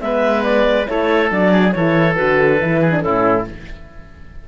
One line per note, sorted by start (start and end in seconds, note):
0.00 0.87 G#3
0.00 0.86 B3
0.00 0.90 B4
0.00 0.43 E5
0.43 0.87 D5
0.86 1.31 A3
0.86 1.29 E4
0.86 1.52 A4
0.86 1.30 C#5
1.31 1.74 F#3
1.31 1.74 D4
1.31 1.72 D5
1.52 1.73 G#4
1.72 2.19 E3
1.72 2.15 E4
1.72 2.80 A4
1.72 2.15 C#5
2.15 2.62 D3
2.15 2.58 F#4
2.15 3.01 B4
2.61 3.05 E3
2.61 2.91 E4
2.80 3.02 G#4
2.91 3.02 D4
3.01 3.48 A2
3.01 3.45 C#4
3.01 3.47 E4
3.01 3.44 A4